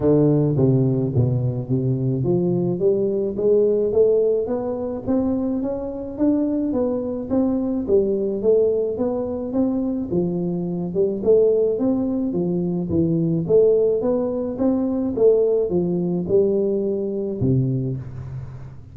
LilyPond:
\new Staff \with { instrumentName = "tuba" } { \time 4/4 \tempo 4 = 107 d4 c4 b,4 c4 | f4 g4 gis4 a4 | b4 c'4 cis'4 d'4 | b4 c'4 g4 a4 |
b4 c'4 f4. g8 | a4 c'4 f4 e4 | a4 b4 c'4 a4 | f4 g2 c4 | }